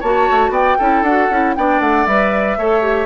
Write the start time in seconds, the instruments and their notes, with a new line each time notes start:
0.00 bassoon A#3, clarinet F#4, oboe C#5, flute A5
0.31 bassoon A3
0.50 bassoon B3, oboe D5, flute G5
0.78 bassoon C#4, clarinet E4, oboe A4
1.02 bassoon D4, clarinet F#4, flute F#5
1.30 bassoon C#4, clarinet E4
1.55 bassoon B3, clarinet D4, oboe D5, flute G5
1.80 bassoon A3, flute F#5
2.06 bassoon G3, clarinet B4, flute E5
2.58 bassoon A3, clarinet A4, oboe C#5
2.82 clarinet G4